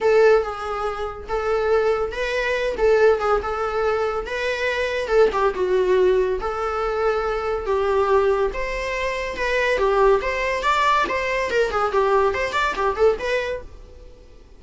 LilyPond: \new Staff \with { instrumentName = "viola" } { \time 4/4 \tempo 4 = 141 a'4 gis'2 a'4~ | a'4 b'4. a'4 gis'8 | a'2 b'2 | a'8 g'8 fis'2 a'4~ |
a'2 g'2 | c''2 b'4 g'4 | c''4 d''4 c''4 ais'8 gis'8 | g'4 c''8 d''8 g'8 a'8 b'4 | }